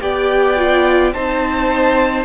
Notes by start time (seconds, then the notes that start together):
0.00 B3 G4 D5 G5
0.57 F4
1.13 C4 D#4 C5 A5